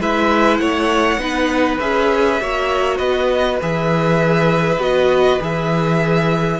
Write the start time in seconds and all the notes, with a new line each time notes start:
0.00 G#3 E4 B4 E5
0.58 A3 C#5 F#5
1.18 B3 D#4 B4
1.80 C#4 G#4 E5
2.41 A#3 F#4 C#5
2.98 B3 B4 D#5
3.62 E3 G#4 E5
4.78 B3 F#4 D#5
5.40 E3 G#4 E5